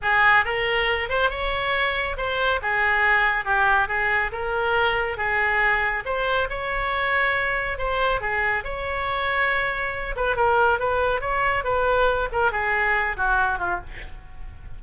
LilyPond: \new Staff \with { instrumentName = "oboe" } { \time 4/4 \tempo 4 = 139 gis'4 ais'4. c''8 cis''4~ | cis''4 c''4 gis'2 | g'4 gis'4 ais'2 | gis'2 c''4 cis''4~ |
cis''2 c''4 gis'4 | cis''2.~ cis''8 b'8 | ais'4 b'4 cis''4 b'4~ | b'8 ais'8 gis'4. fis'4 f'8 | }